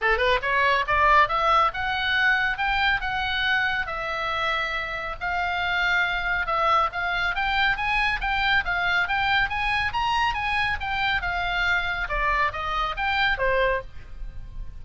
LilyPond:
\new Staff \with { instrumentName = "oboe" } { \time 4/4 \tempo 4 = 139 a'8 b'8 cis''4 d''4 e''4 | fis''2 g''4 fis''4~ | fis''4 e''2. | f''2. e''4 |
f''4 g''4 gis''4 g''4 | f''4 g''4 gis''4 ais''4 | gis''4 g''4 f''2 | d''4 dis''4 g''4 c''4 | }